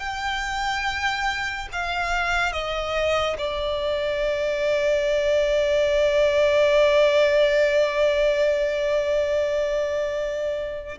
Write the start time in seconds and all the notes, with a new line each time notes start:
0.00 G5
1.73 F5
2.53 D#5
3.38 D5